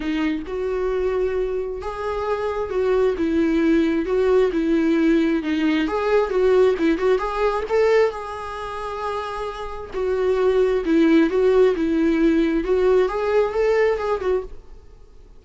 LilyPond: \new Staff \with { instrumentName = "viola" } { \time 4/4 \tempo 4 = 133 dis'4 fis'2. | gis'2 fis'4 e'4~ | e'4 fis'4 e'2 | dis'4 gis'4 fis'4 e'8 fis'8 |
gis'4 a'4 gis'2~ | gis'2 fis'2 | e'4 fis'4 e'2 | fis'4 gis'4 a'4 gis'8 fis'8 | }